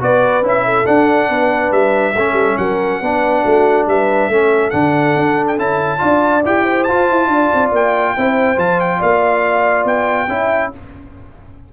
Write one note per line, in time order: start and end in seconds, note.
0.00 0.42 B3
0.00 0.43 F#4
0.00 0.65 B4
0.00 0.46 D5
0.42 0.85 C#4
0.42 0.85 E4
0.48 0.86 E5
0.65 1.29 A4
0.85 2.14 D4
0.85 1.29 D4
0.85 1.72 F#5
1.29 1.71 B3
1.29 2.16 B4
1.71 2.14 G3
1.71 2.57 E5
2.15 2.33 A3
2.15 3.03 C#4
2.15 2.59 A4
2.33 2.54 G3
2.57 3.01 F#3
2.57 3.02 A#4
2.57 3.86 F#5
3.01 3.44 B3
3.01 4.31 D4
3.01 3.44 B4
3.44 3.87 A3
3.44 3.86 F#4
3.87 4.29 G3
3.87 4.32 B4
3.87 4.70 E5
4.29 4.72 A3
4.29 4.72 C#4
4.29 6.00 A4
4.70 5.15 D3
4.70 5.57 D4
4.70 5.45 F#5
5.15 5.58 D4
5.47 5.58 G5
5.58 6.01 C#4
5.58 5.98 E4
5.58 6.45 A5
5.98 6.45 D4
5.98 6.41 F4
5.98 6.64 D5
6.45 6.88 E4
6.45 6.88 G4
6.45 6.84 G5
6.64 7.28 C5
6.84 7.10 F4
6.84 8.17 F4
6.84 7.70 A5
7.10 7.28 E4
7.28 7.49 D4
7.28 8.14 D5
7.54 7.72 C4
7.72 8.15 A#3
7.72 8.59 G5
8.17 8.57 C4
8.17 8.57 E4
8.17 8.99 C5
8.57 9.00 F3
8.57 10.28 F4
8.57 8.80 A5
8.80 9.02 G5
8.99 9.85 A#3
8.99 10.27 D5
8.99 9.87 F5
9.85 10.27 B3
9.85 10.73 G5
10.28 10.71 C#4
10.28 10.72 E4
10.28 10.73 E5